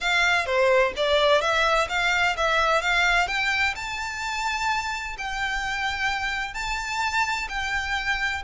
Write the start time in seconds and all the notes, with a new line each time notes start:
0.00 F5
0.46 C5
0.96 D5
1.41 E5
1.89 F5
2.37 E5
2.81 F5
3.27 G5
3.75 A5
5.18 G5
6.54 A5
7.49 G5